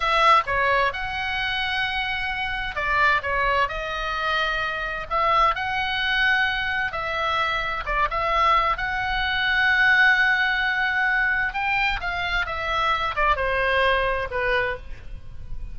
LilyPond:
\new Staff \with { instrumentName = "oboe" } { \time 4/4 \tempo 4 = 130 e''4 cis''4 fis''2~ | fis''2 d''4 cis''4 | dis''2. e''4 | fis''2. e''4~ |
e''4 d''8 e''4. fis''4~ | fis''1~ | fis''4 g''4 f''4 e''4~ | e''8 d''8 c''2 b'4 | }